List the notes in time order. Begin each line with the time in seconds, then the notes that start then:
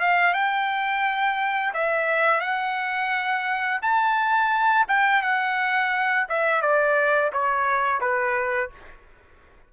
0.00 F5
0.33 G5
1.74 E5
2.40 F#5
3.82 A5
4.88 G5
5.22 F#5
6.29 E5
6.62 D5
7.32 C#5
8.00 B4